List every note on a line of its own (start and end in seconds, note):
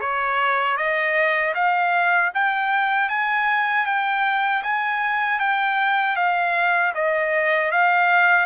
0.00 0.77 C#5
0.77 1.53 D#5
1.55 2.31 F5
2.34 3.09 G5
3.09 3.86 G#5
3.86 4.63 G5
4.63 5.39 G#5
5.39 6.16 G5
6.16 6.93 F5
6.94 7.71 D#5
7.71 8.45 F5